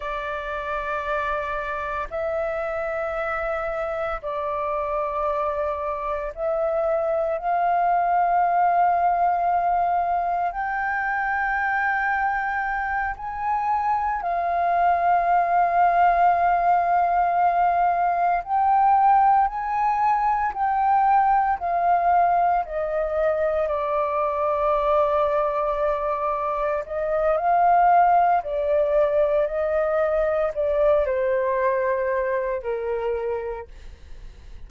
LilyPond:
\new Staff \with { instrumentName = "flute" } { \time 4/4 \tempo 4 = 57 d''2 e''2 | d''2 e''4 f''4~ | f''2 g''2~ | g''8 gis''4 f''2~ f''8~ |
f''4. g''4 gis''4 g''8~ | g''8 f''4 dis''4 d''4.~ | d''4. dis''8 f''4 d''4 | dis''4 d''8 c''4. ais'4 | }